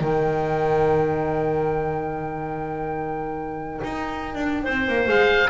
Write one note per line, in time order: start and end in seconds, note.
0.00 3.80 D#3
0.00 5.06 D#4
0.00 4.63 A#4
0.00 5.08 G5
3.83 4.34 D#4
4.34 4.66 D4
4.63 4.88 C4
4.63 5.48 C5
4.88 5.08 A#3
5.06 5.50 G#3
5.06 5.48 G#4
5.06 5.50 F5